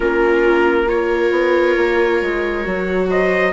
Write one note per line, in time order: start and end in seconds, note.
0.00 1.31 A#3
0.00 0.87 C#4
0.00 0.86 F4
0.00 0.88 A#4
0.86 2.64 F4
0.86 3.07 A#4
0.86 3.09 C#5
1.31 1.75 B3
1.77 2.21 A#3
2.21 2.65 G#3
2.64 3.52 F#3
2.64 3.52 F#4
3.10 3.52 C5
3.10 3.52 D#5